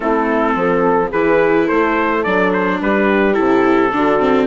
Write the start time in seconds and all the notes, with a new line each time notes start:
0.00 A3 C4 E4 A4
0.55 F3 A4
1.09 E3 E4 G#4 B4
1.65 A3 A4 C5
2.23 F#3 D4 D5
2.52 C5
2.81 G3 G4 B4
3.34 C3 E4 A4
3.92 D3 D4 F#4
4.19 C4